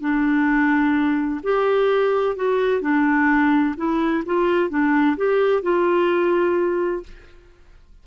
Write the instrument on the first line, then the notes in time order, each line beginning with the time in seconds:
clarinet
0.00 D4
1.43 G4
2.36 F#4
2.81 D4
3.76 E4
4.25 F4
4.69 D4
5.17 G4
5.62 F4